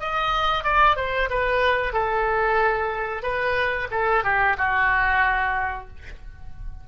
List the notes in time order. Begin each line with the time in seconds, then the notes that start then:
0.00 D#5
0.64 D5
0.96 C5
1.30 B4
1.93 A4
3.23 B4
3.91 A4
4.24 G4
4.57 F#4